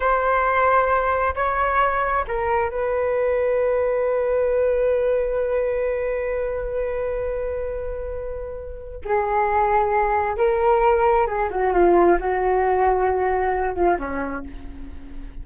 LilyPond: \new Staff \with { instrumentName = "flute" } { \time 4/4 \tempo 4 = 133 c''2. cis''4~ | cis''4 ais'4 b'2~ | b'1~ | b'1~ |
b'1 | gis'2. ais'4~ | ais'4 gis'8 fis'8 f'4 fis'4~ | fis'2~ fis'8 f'8 cis'4 | }